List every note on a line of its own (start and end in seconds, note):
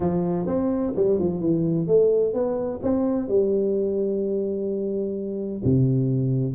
0.00 0.46 F3
0.46 0.93 C4
0.95 1.19 G3
1.19 1.40 F3
1.40 1.87 E3
1.87 2.33 A3
2.33 2.80 B3
2.83 3.28 C4
3.28 5.62 G3
5.64 6.54 C3